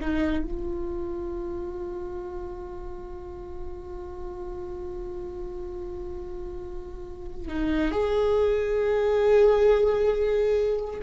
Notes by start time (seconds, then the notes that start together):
0.00 D#4
0.44 F4
7.48 D#4
7.91 G#4